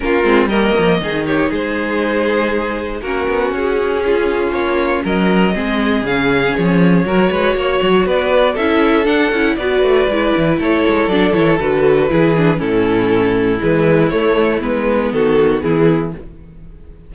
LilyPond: <<
  \new Staff \with { instrumentName = "violin" } { \time 4/4 \tempo 4 = 119 ais'4 dis''4. cis''8 c''4~ | c''2 ais'4 gis'4~ | gis'4 cis''4 dis''2 | f''4 cis''2. |
d''4 e''4 fis''4 d''4~ | d''4 cis''4 d''8 cis''8 b'4~ | b'4 a'2 b'4 | cis''4 b'4 a'4 gis'4 | }
  \new Staff \with { instrumentName = "violin" } { \time 4/4 f'4 ais'4 gis'8 g'8 gis'4~ | gis'2 fis'2 | f'2 ais'4 gis'4~ | gis'2 ais'8 b'8 cis''4 |
b'4 a'2 b'4~ | b'4 a'2. | gis'4 e'2.~ | e'2 fis'4 e'4 | }
  \new Staff \with { instrumentName = "viola" } { \time 4/4 cis'8 c'8 ais4 dis'2~ | dis'2 cis'2~ | cis'2. c'4 | cis'2 fis'2~ |
fis'4 e'4 d'8 e'8 fis'4 | e'2 d'8 e'8 fis'4 | e'8 d'8 cis'2 gis4 | a4 b2. | }
  \new Staff \with { instrumentName = "cello" } { \time 4/4 ais8 gis8 g8 f8 dis4 gis4~ | gis2 ais8 b8 cis'4~ | cis'4 ais4 fis4 gis4 | cis4 f4 fis8 gis8 ais8 fis8 |
b4 cis'4 d'8 cis'8 b8 a8 | gis8 e8 a8 gis8 fis8 e8 d4 | e4 a,2 e4 | a4 gis4 dis4 e4 | }
>>